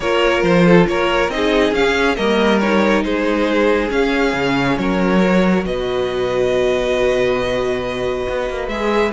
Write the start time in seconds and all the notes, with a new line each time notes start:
0.00 A#3 F4 A#4 C#5
0.42 F3 C5
0.65 A4
0.87 A#3 A#4 C#5
1.28 C4 D#4 D#5
1.35 G#4
1.71 C#4 F5
2.15 G3 A#3 A#4 D#5
2.59 D#4 C#5
3.03 G#3 G#4 C5
3.89 C#4 F5
4.33 C#3
4.77 F#3 A#4 C#5
5.22 F#4
5.65 B2 B4 D#5
8.29 B3
8.49 A#3
8.67 G#3 G#4 E5